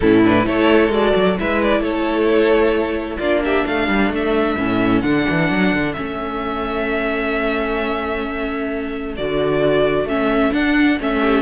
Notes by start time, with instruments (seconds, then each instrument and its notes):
0.00 cello A2, viola C#4, violin E4 A4
0.24 viola D4, violin B4
0.43 cello A3, viola E4, violin A4 C#5
0.89 cello G#3, viola F#4, violin D5
1.15 cello F#3
1.38 cello G#3, viola E4, violin B4 E5
1.62 violin D5
1.80 cello A3, violin A4 C#5
3.17 cello A#3, viola D4, violin F4 D5
3.44 violin G4 E5
3.66 cello A3, violin A4 F5
3.87 cello G3
4.09 cello A3, violin E5
4.57 cello A2, viola C#4
5.01 cello D3, viola D4, violin F#5
5.29 cello E3
5.49 cello F#3
5.73 cello D3
5.93 cello A3, viola C#4, violin E5
9.16 cello D3, viola F#4, violin D5
10.05 cello A3, viola C#4, violin E5
10.52 viola D4, cello D4, violin F#5
10.99 cello A3, viola C#4, violin E5
11.21 violin G4